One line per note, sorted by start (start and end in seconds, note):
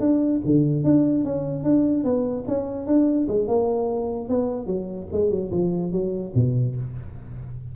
0.00 0.41 D4
0.45 0.84 D3
0.84 1.25 D4
1.25 1.63 C#4
1.63 2.04 D4
2.04 2.45 B3
2.48 2.87 C#4
2.87 3.27 D4
3.28 3.48 G#3
3.48 4.29 A#3
4.29 4.66 B3
4.66 5.07 F#3
5.12 5.31 G#3
5.31 5.51 F#3
5.51 5.92 F3
5.92 6.32 F#3
6.35 6.75 B2